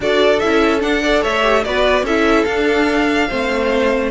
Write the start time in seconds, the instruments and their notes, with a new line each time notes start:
0.00 cello D4, viola F#4, violin A4 D5
0.39 cello C#4, viola E4, violin E5
0.80 viola D4, cello D4, violin F#5
1.02 viola A4, violin D5
1.22 cello A3, violin C#5 E5
1.42 viola G4
1.64 cello B3, viola F#4, violin B4 D5
2.02 cello C#4, viola E4, violin A4 E5
2.44 cello D4, viola D4, violin F5
3.29 cello A3, viola C4, violin C5